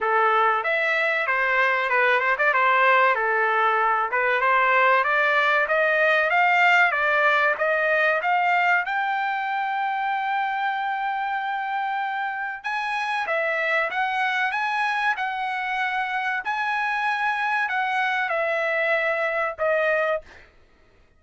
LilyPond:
\new Staff \with { instrumentName = "trumpet" } { \time 4/4 \tempo 4 = 95 a'4 e''4 c''4 b'8 c''16 d''16 | c''4 a'4. b'8 c''4 | d''4 dis''4 f''4 d''4 | dis''4 f''4 g''2~ |
g''1 | gis''4 e''4 fis''4 gis''4 | fis''2 gis''2 | fis''4 e''2 dis''4 | }